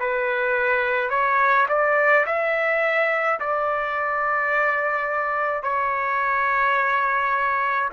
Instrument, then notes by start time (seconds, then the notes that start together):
trumpet
0.00 B4
1.10 C#5
1.69 D5
2.26 E5
3.40 D5
5.63 C#5